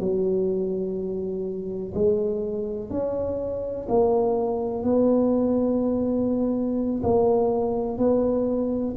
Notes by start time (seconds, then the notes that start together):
0.00 F#3
1.94 G#3
2.90 C#4
3.89 A#3
4.83 B3
7.03 A#3
7.98 B3